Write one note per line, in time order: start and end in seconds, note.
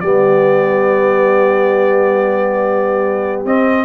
0.00 3.45 G3
0.00 3.46 B3
0.00 3.85 G4
0.00 3.43 D5
3.45 3.85 C4
3.45 3.85 D#5